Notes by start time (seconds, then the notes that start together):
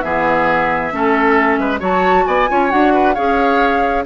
0.00 E3 B3 G#4 E5
0.91 A3 C#4 A4
1.58 G#3 B4
1.79 F#3 F#4 C#5 A5
2.25 B3 D5 G#5
2.48 C#4 F4 C#5
2.70 D4 F#4 F#5
2.93 B4
3.14 C#4 G#4 C#5 F5